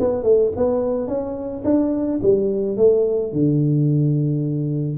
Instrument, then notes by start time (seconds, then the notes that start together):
tuba
0.00 B3
0.23 A3
0.57 B3
1.08 C#4
1.64 D4
2.22 G3
2.77 A3
3.32 D3